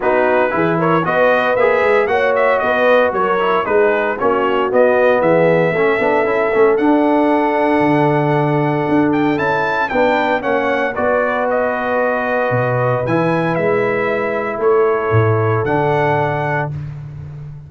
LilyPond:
<<
  \new Staff \with { instrumentName = "trumpet" } { \time 4/4 \tempo 4 = 115 b'4. cis''8 dis''4 e''4 | fis''8 e''8 dis''4 cis''4 b'4 | cis''4 dis''4 e''2~ | e''4 fis''2.~ |
fis''4. g''8 a''4 g''4 | fis''4 d''4 dis''2~ | dis''4 gis''4 e''2 | cis''2 fis''2 | }
  \new Staff \with { instrumentName = "horn" } { \time 4/4 fis'4 gis'8 ais'8 b'2 | cis''4 b'4 ais'4 gis'4 | fis'2 gis'4 a'4~ | a'1~ |
a'2. b'4 | cis''4 b'2.~ | b'1 | a'1 | }
  \new Staff \with { instrumentName = "trombone" } { \time 4/4 dis'4 e'4 fis'4 gis'4 | fis'2~ fis'8 e'8 dis'4 | cis'4 b2 cis'8 d'8 | e'8 cis'8 d'2.~ |
d'2 e'4 d'4 | cis'4 fis'2.~ | fis'4 e'2.~ | e'2 d'2 | }
  \new Staff \with { instrumentName = "tuba" } { \time 4/4 b4 e4 b4 ais8 gis8 | ais4 b4 fis4 gis4 | ais4 b4 e4 a8 b8 | cis'8 a8 d'2 d4~ |
d4 d'4 cis'4 b4 | ais4 b2. | b,4 e4 gis2 | a4 a,4 d2 | }
>>